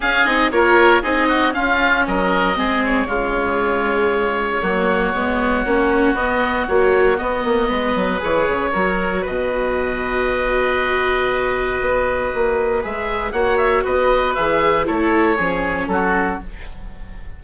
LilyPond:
<<
  \new Staff \with { instrumentName = "oboe" } { \time 4/4 \tempo 4 = 117 f''8 dis''8 cis''4 dis''4 f''4 | dis''4. cis''2~ cis''8~ | cis''1 | dis''4 cis''4 dis''2 |
cis''2 dis''2~ | dis''1~ | dis''4 e''4 fis''8 e''8 dis''4 | e''4 cis''2 a'4 | }
  \new Staff \with { instrumentName = "oboe" } { \time 4/4 gis'4 ais'4 gis'8 fis'8 f'4 | ais'4 gis'4 f'2~ | f'4 fis'2.~ | fis'2. b'4~ |
b'4 ais'4 b'2~ | b'1~ | b'2 cis''4 b'4~ | b'4 a'4 gis'4 fis'4 | }
  \new Staff \with { instrumentName = "viola" } { \time 4/4 cis'8 dis'8 f'4 dis'4 cis'4~ | cis'4 c'4 gis2~ | gis4 ais4 b4 cis'4 | b4 fis4 b2 |
gis'4 fis'2.~ | fis'1~ | fis'4 gis'4 fis'2 | gis'4 e'4 cis'2 | }
  \new Staff \with { instrumentName = "bassoon" } { \time 4/4 cis'8 c'8 ais4 c'4 cis'4 | fis4 gis4 cis2~ | cis4 fis4 gis4 ais4 | b4 ais4 b8 ais8 gis8 fis8 |
e8 cis8 fis4 b,2~ | b,2. b4 | ais4 gis4 ais4 b4 | e4 a4 f4 fis4 | }
>>